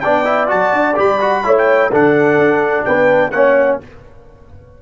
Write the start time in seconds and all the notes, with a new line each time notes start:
0.00 B3 D4 D5 G5
0.25 E4
0.47 F#3 F#4 A5
0.72 D4
0.95 G3 G4 B5
1.20 F#4
1.43 A3 E4 C#5
1.57 G5
1.90 D3 D4 A4 F#5
2.38 D4
2.85 B3 B4 G5
3.31 A#3 C#4 C#5 F#5